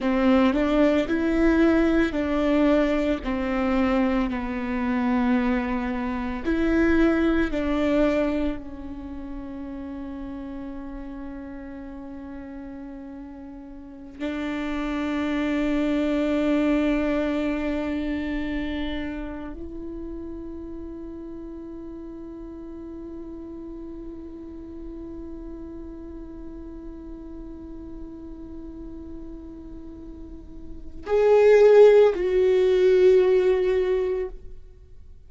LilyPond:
\new Staff \with { instrumentName = "viola" } { \time 4/4 \tempo 4 = 56 c'8 d'8 e'4 d'4 c'4 | b2 e'4 d'4 | cis'1~ | cis'4~ cis'16 d'2~ d'8.~ |
d'2~ d'16 e'4.~ e'16~ | e'1~ | e'1~ | e'4 gis'4 fis'2 | }